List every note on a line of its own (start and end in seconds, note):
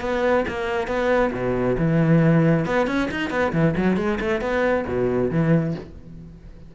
0.00 0.44 B3
0.48 0.87 A#3
0.87 1.31 B3
1.32 1.76 B2
1.77 2.65 E3
2.65 2.86 B3
2.86 3.08 C#4
3.11 3.30 D#4
3.30 3.52 B3
3.52 3.74 E3
3.77 3.96 F#3
3.96 4.18 G#3
4.20 4.41 A3
4.41 4.85 B3
4.87 5.30 B2
5.30 5.74 E3